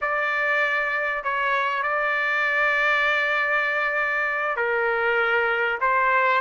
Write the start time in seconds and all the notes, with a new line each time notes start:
0.01 D5
1.23 C#5
1.83 D5
4.56 A#4
5.80 C5